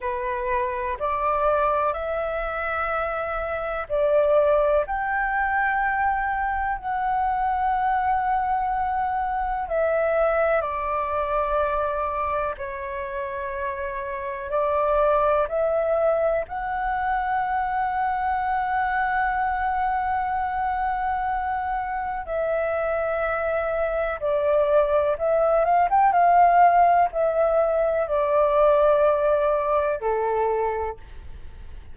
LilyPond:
\new Staff \with { instrumentName = "flute" } { \time 4/4 \tempo 4 = 62 b'4 d''4 e''2 | d''4 g''2 fis''4~ | fis''2 e''4 d''4~ | d''4 cis''2 d''4 |
e''4 fis''2.~ | fis''2. e''4~ | e''4 d''4 e''8 f''16 g''16 f''4 | e''4 d''2 a'4 | }